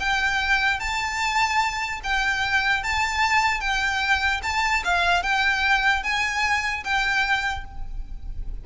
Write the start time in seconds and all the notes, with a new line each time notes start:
0.00 G5
0.80 A5
2.04 G5
2.84 A5
3.61 G5
4.43 A5
4.85 F5
5.23 G5
6.03 G#5
6.84 G5